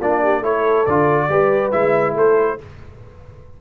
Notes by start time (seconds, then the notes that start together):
0.00 A#3 D4 F4 D5
0.23 G4
0.39 A3 E4 A4 C#5
0.86 D3 F4 D5
1.29 G3 G4 B4
1.71 G#3 E4 E5
2.15 A3 A4 C5